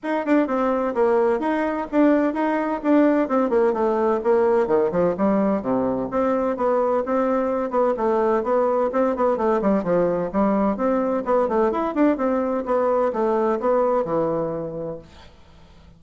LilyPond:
\new Staff \with { instrumentName = "bassoon" } { \time 4/4 \tempo 4 = 128 dis'8 d'8 c'4 ais4 dis'4 | d'4 dis'4 d'4 c'8 ais8 | a4 ais4 dis8 f8 g4 | c4 c'4 b4 c'4~ |
c'8 b8 a4 b4 c'8 b8 | a8 g8 f4 g4 c'4 | b8 a8 e'8 d'8 c'4 b4 | a4 b4 e2 | }